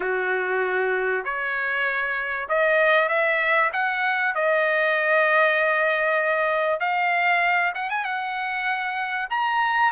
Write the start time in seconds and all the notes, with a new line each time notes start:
0.00 F#4
1.24 C#5
2.49 D#5
3.08 E5
3.73 F#5
4.34 D#5
6.80 F5
7.74 F#5
7.90 G#5
8.04 F#5
9.30 A#5